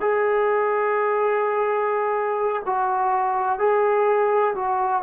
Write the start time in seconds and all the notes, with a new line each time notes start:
0.00 G#4
2.65 F#4
3.58 G#4
4.55 F#4